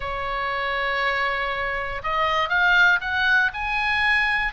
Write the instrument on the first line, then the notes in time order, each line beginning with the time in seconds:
oboe
0.00 C#5
2.03 D#5
2.49 F5
3.00 F#5
3.53 G#5